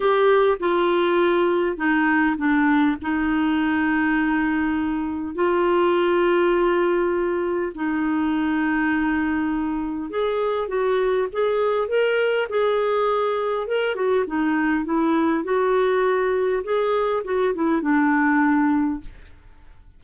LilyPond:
\new Staff \with { instrumentName = "clarinet" } { \time 4/4 \tempo 4 = 101 g'4 f'2 dis'4 | d'4 dis'2.~ | dis'4 f'2.~ | f'4 dis'2.~ |
dis'4 gis'4 fis'4 gis'4 | ais'4 gis'2 ais'8 fis'8 | dis'4 e'4 fis'2 | gis'4 fis'8 e'8 d'2 | }